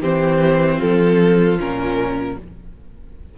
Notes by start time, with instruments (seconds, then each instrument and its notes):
0.00 cello E3, viola C4, violin G4 C5
0.77 cello F3, violin F4 A4
1.59 cello A#2, viola C#4, violin A#4